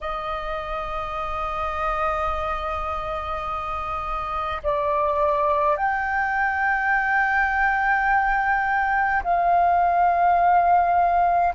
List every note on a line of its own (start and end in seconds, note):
0.00 4.62 D#5
4.63 5.76 D5
5.76 9.23 G5
9.23 11.54 F5